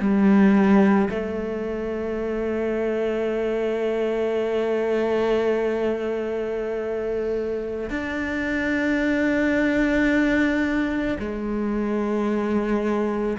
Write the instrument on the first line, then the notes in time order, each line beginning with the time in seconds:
cello
0.00 G3
1.11 A3
7.90 D4
11.20 G#3